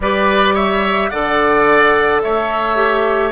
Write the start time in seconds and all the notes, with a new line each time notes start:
0.00 G3 G4 B4 D5
0.54 C#5 E5
1.09 D3 A4 D5 F#5
2.21 A3 C#5 E5
2.76 G4